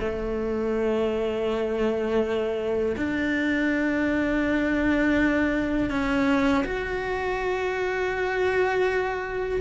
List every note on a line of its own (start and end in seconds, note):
0.00 2.96 A3
2.97 5.90 D4
5.90 6.64 C#4
6.65 9.61 F#4